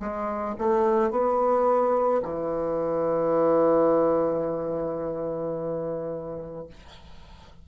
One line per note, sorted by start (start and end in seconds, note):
0.00 0.56 G#3
0.59 1.11 A3
1.11 2.22 B3
2.23 6.67 E3